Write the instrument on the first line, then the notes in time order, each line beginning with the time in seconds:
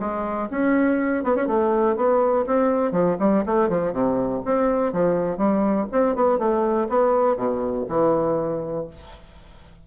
bassoon
0.00 G#3
0.51 C#4
1.24 B3
1.36 C#4
1.47 A3
1.96 B3
2.47 C4
2.92 F3
3.20 G3
3.46 A3
3.69 F3
3.93 C3
4.45 C4
4.93 F3
5.38 G3
5.92 C4
6.16 B3
6.39 A3
6.89 B3
7.37 B2
7.89 E3